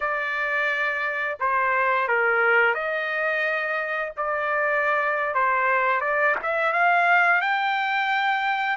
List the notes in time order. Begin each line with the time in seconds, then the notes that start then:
0.00 D5
1.39 C5
2.08 A#4
2.74 D#5
4.16 D5
5.34 C5
6.01 D5
6.42 E5
6.72 F5
7.41 G5